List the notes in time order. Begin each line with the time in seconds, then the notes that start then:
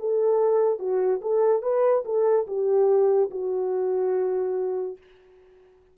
0.00 A4
0.80 F#4
1.22 A4
1.62 B4
2.05 A4
2.47 G4
3.31 F#4